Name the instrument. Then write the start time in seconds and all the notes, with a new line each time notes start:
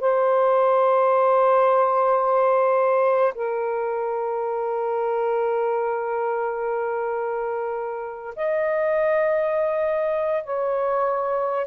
saxophone
0.00 C5
3.34 A#4
8.35 D#5
10.44 C#5